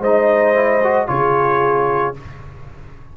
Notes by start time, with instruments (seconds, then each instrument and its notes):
0.00 tuba G#3, trombone D#4, horn C5, trumpet D#5
0.55 trombone E4
0.84 trombone F#4
1.07 tuba C#3, trombone F4, horn G#4, trumpet C#5